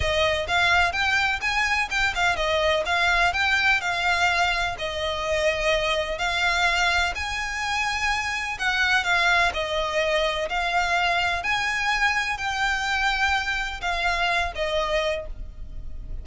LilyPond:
\new Staff \with { instrumentName = "violin" } { \time 4/4 \tempo 4 = 126 dis''4 f''4 g''4 gis''4 | g''8 f''8 dis''4 f''4 g''4 | f''2 dis''2~ | dis''4 f''2 gis''4~ |
gis''2 fis''4 f''4 | dis''2 f''2 | gis''2 g''2~ | g''4 f''4. dis''4. | }